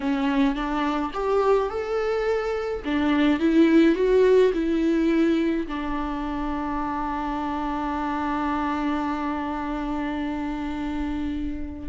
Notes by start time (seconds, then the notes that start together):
0.00 C#4
0.55 D4
1.13 G4
1.69 A4
2.85 D4
3.39 E4
3.95 F#4
4.53 E4
5.67 D4